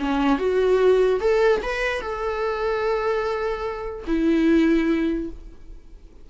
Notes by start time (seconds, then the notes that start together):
0.00 C#4
0.39 F#4
1.21 A4
1.63 B4
2.02 A4
4.08 E4